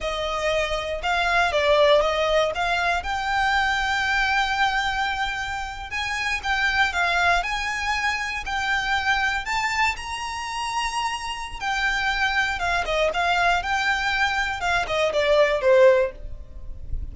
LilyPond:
\new Staff \with { instrumentName = "violin" } { \time 4/4 \tempo 4 = 119 dis''2 f''4 d''4 | dis''4 f''4 g''2~ | g''2.~ g''8. gis''16~ | gis''8. g''4 f''4 gis''4~ gis''16~ |
gis''8. g''2 a''4 ais''16~ | ais''2. g''4~ | g''4 f''8 dis''8 f''4 g''4~ | g''4 f''8 dis''8 d''4 c''4 | }